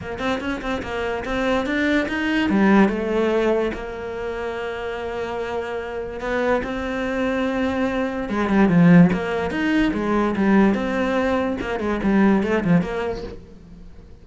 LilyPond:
\new Staff \with { instrumentName = "cello" } { \time 4/4 \tempo 4 = 145 ais8 c'8 cis'8 c'8 ais4 c'4 | d'4 dis'4 g4 a4~ | a4 ais2.~ | ais2. b4 |
c'1 | gis8 g8 f4 ais4 dis'4 | gis4 g4 c'2 | ais8 gis8 g4 a8 f8 ais4 | }